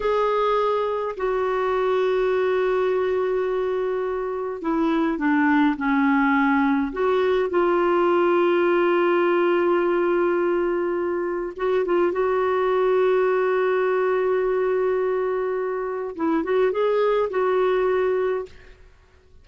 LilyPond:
\new Staff \with { instrumentName = "clarinet" } { \time 4/4 \tempo 4 = 104 gis'2 fis'2~ | fis'1 | e'4 d'4 cis'2 | fis'4 f'2.~ |
f'1 | fis'8 f'8 fis'2.~ | fis'1 | e'8 fis'8 gis'4 fis'2 | }